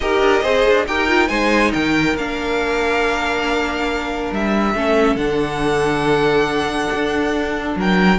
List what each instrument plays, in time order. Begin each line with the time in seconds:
0.00 cello D#4, viola G4, violin A#4 D#5
0.20 cello D4
0.42 cello C4, viola G#4, violin C5
0.68 cello D4
0.87 cello D#4, viola G4, violin A#4 G5
1.08 viola F4
1.28 cello G#3, viola D#4, violin C5 G#5
1.72 cello D#3, violin A#4 G5
2.14 cello A#3, viola D4, violin F5
4.31 cello G3, violin E5
4.74 cello A3, viola C#4, violin A4
5.15 cello D3, viola D4, violin F#5
6.94 cello D4
7.76 cello F#3, violin A#4 G5